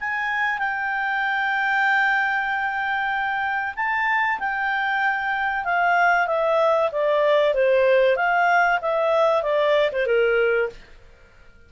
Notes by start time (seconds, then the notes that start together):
0.00 G#5
0.59 G5
3.76 A5
4.40 G5
5.65 F5
6.27 E5
6.92 D5
7.54 C5
8.16 F5
8.81 E5
9.43 D5
9.92 C5
10.06 A#4